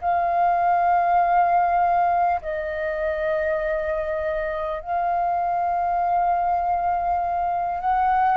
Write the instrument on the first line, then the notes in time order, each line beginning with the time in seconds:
flute
0.00 F5
2.41 D#5
4.81 F5
7.80 F#5